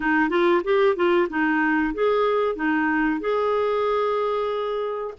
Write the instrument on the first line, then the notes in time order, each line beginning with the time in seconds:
clarinet
0.00 D#4
0.29 F4
0.63 G4
0.95 F4
1.29 D#4
1.94 G#4
2.55 D#4
3.20 G#4